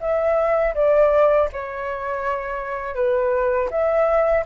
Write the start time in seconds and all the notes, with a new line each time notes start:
0.00 E5
0.75 D5
1.53 C#5
2.95 B4
3.70 E5